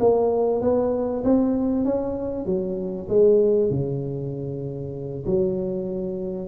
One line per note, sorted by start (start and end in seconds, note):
0.00 0.61 A#3
0.61 1.23 B3
1.24 1.85 C4
1.85 2.46 C#4
2.46 3.08 F#3
3.09 3.70 G#3
3.70 5.25 C#3
5.26 6.48 F#3